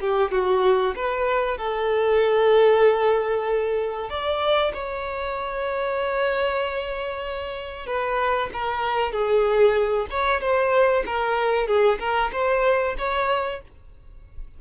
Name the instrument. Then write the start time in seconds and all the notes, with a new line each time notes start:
violin
0.00 G4
0.32 F#4
0.95 B4
1.57 A4
4.09 D5
4.73 C#5
7.86 B4
8.53 A#4
9.12 G#4
10.10 C#5
10.40 C5
11.06 A#4
11.67 G#4
11.99 A#4
12.32 C5
12.98 C#5